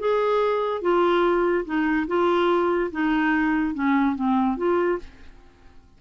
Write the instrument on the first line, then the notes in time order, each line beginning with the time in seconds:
clarinet
0.00 G#4
0.82 F4
1.65 D#4
2.08 F4
2.92 D#4
3.75 C#4
4.16 C4
4.57 F4